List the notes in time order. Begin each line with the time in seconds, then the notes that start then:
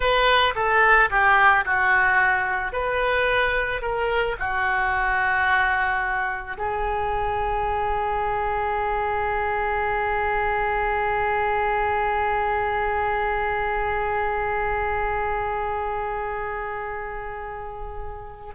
0.00 B4
0.55 A4
1.10 G4
1.65 F#4
2.72 B4
3.81 A#4
4.39 F#4
6.57 G#4